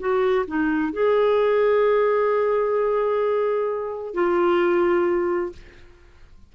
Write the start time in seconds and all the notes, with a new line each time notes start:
0.00 F#4
0.48 D#4
0.93 G#4
4.15 F4